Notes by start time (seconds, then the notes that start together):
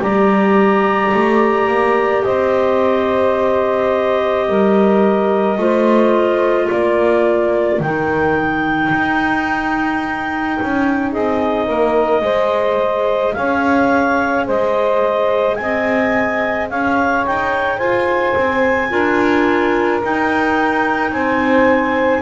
0.00 G3 G4 D5 A#5
1.14 A3
1.68 A#3
2.24 C4 C5 D#5
4.48 G3 A#4
5.59 A3 F4 C5
6.68 A#3 A#4 D5
7.80 D#3 D#4 G5
8.92 D#4
10.62 C#4
11.11 C4 G#4 D#5
11.66 A#3 A#4
12.22 G#3 G#4 C5
13.34 C#4 C#5 F5
14.46 G#3 C5 D#5
15.56 C4 G#5
15.62 D#5
16.70 C#4 C#5 F5
17.26 D#4 G5
17.78 F4 C5 G#5
18.37 C4
18.90 D4 F4 A#4
20.03 D#4 G5
21.12 C4 C5 G#5